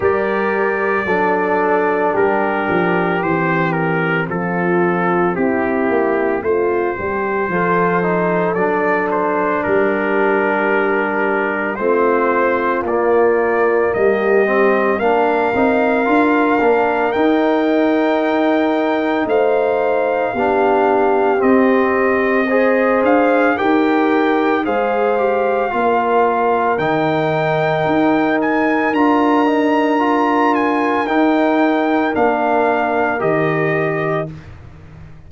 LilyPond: <<
  \new Staff \with { instrumentName = "trumpet" } { \time 4/4 \tempo 4 = 56 d''2 ais'4 c''8 ais'8 | a'4 g'4 c''2 | d''8 c''8 ais'2 c''4 | d''4 dis''4 f''2 |
g''2 f''2 | dis''4. f''8 g''4 f''4~ | f''4 g''4. gis''8 ais''4~ | ais''8 gis''8 g''4 f''4 dis''4 | }
  \new Staff \with { instrumentName = "horn" } { \time 4/4 ais'4 a'4 g'2 | f'4 e'4 f'8 g'8 a'4~ | a'4 g'2 f'4~ | f'4 g'4 ais'2~ |
ais'2 c''4 g'4~ | g'4 c''4 ais'4 c''4 | ais'1~ | ais'1 | }
  \new Staff \with { instrumentName = "trombone" } { \time 4/4 g'4 d'2 c'4~ | c'2. f'8 dis'8 | d'2. c'4 | ais4. c'8 d'8 dis'8 f'8 d'8 |
dis'2. d'4 | c'4 gis'4 g'4 gis'8 g'8 | f'4 dis'2 f'8 dis'8 | f'4 dis'4 d'4 g'4 | }
  \new Staff \with { instrumentName = "tuba" } { \time 4/4 g4 fis4 g8 f8 e4 | f4 c'8 ais8 a8 g8 f4 | fis4 g2 a4 | ais4 g4 ais8 c'8 d'8 ais8 |
dis'2 a4 b4 | c'4. d'8 dis'4 gis4 | ais4 dis4 dis'4 d'4~ | d'4 dis'4 ais4 dis4 | }
>>